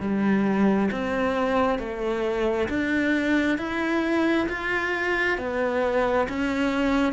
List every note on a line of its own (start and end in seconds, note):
0.00 0.90 G3
0.91 1.78 C4
1.78 2.68 A3
2.68 3.57 D4
3.57 4.47 E4
4.49 5.38 F4
5.38 6.27 B3
6.28 7.13 C#4